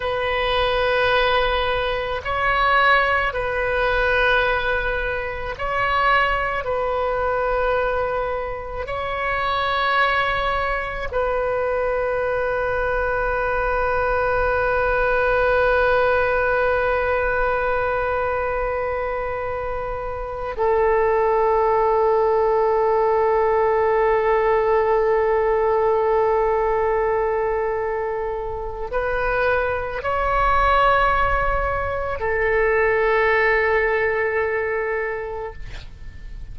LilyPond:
\new Staff \with { instrumentName = "oboe" } { \time 4/4 \tempo 4 = 54 b'2 cis''4 b'4~ | b'4 cis''4 b'2 | cis''2 b'2~ | b'1~ |
b'2~ b'8 a'4.~ | a'1~ | a'2 b'4 cis''4~ | cis''4 a'2. | }